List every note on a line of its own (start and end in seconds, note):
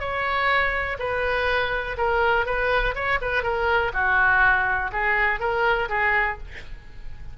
0.00 0.98 C#5
0.99 1.97 B4
1.98 2.46 A#4
2.46 2.95 B4
2.95 3.20 C#5
3.22 3.43 B4
3.43 3.92 A#4
3.94 4.91 F#4
4.92 5.40 G#4
5.40 5.89 A#4
5.89 6.38 G#4